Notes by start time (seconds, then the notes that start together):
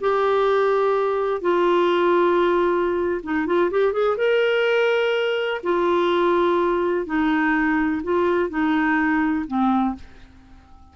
0.00 G4
1.41 F4
3.23 D#4
3.46 F4
3.70 G4
3.92 G#4
4.17 A#4
5.63 F4
7.06 D#4
8.03 F4
8.49 D#4
9.47 C4